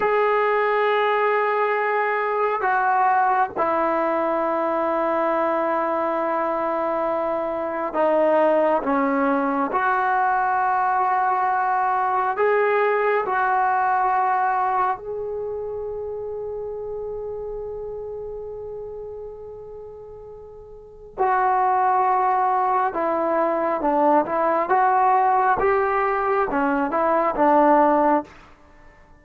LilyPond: \new Staff \with { instrumentName = "trombone" } { \time 4/4 \tempo 4 = 68 gis'2. fis'4 | e'1~ | e'4 dis'4 cis'4 fis'4~ | fis'2 gis'4 fis'4~ |
fis'4 gis'2.~ | gis'1 | fis'2 e'4 d'8 e'8 | fis'4 g'4 cis'8 e'8 d'4 | }